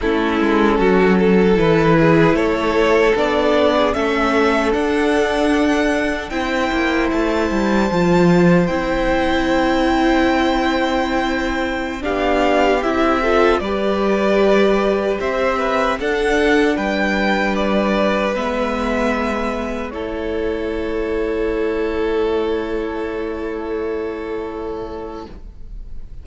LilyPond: <<
  \new Staff \with { instrumentName = "violin" } { \time 4/4 \tempo 4 = 76 a'2 b'4 cis''4 | d''4 e''4 fis''2 | g''4 a''2 g''4~ | g''2.~ g''16 f''8.~ |
f''16 e''4 d''2 e''8.~ | e''16 fis''4 g''4 d''4 e''8.~ | e''4~ e''16 cis''2~ cis''8.~ | cis''1 | }
  \new Staff \with { instrumentName = "violin" } { \time 4/4 e'4 fis'8 a'4 gis'8 a'4~ | a'8. gis'16 a'2. | c''1~ | c''2.~ c''16 g'8.~ |
g'8. a'8 b'2 c''8 b'16~ | b'16 a'4 b'2~ b'8.~ | b'4~ b'16 a'2~ a'8.~ | a'1 | }
  \new Staff \with { instrumentName = "viola" } { \time 4/4 cis'2 e'2 | d'4 cis'4 d'2 | e'2 f'4 e'4~ | e'2.~ e'16 d'8.~ |
d'16 e'8 f'8 g'2~ g'8.~ | g'16 d'2. b8.~ | b4~ b16 e'2~ e'8.~ | e'1 | }
  \new Staff \with { instrumentName = "cello" } { \time 4/4 a8 gis8 fis4 e4 a4 | b4 a4 d'2 | c'8 ais8 a8 g8 f4 c'4~ | c'2.~ c'16 b8.~ |
b16 c'4 g2 c'8.~ | c'16 d'4 g2 gis8.~ | gis4~ gis16 a2~ a8.~ | a1 | }
>>